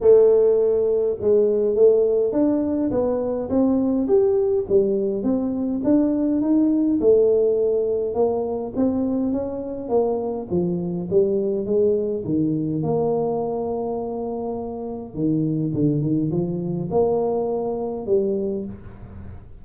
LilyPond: \new Staff \with { instrumentName = "tuba" } { \time 4/4 \tempo 4 = 103 a2 gis4 a4 | d'4 b4 c'4 g'4 | g4 c'4 d'4 dis'4 | a2 ais4 c'4 |
cis'4 ais4 f4 g4 | gis4 dis4 ais2~ | ais2 dis4 d8 dis8 | f4 ais2 g4 | }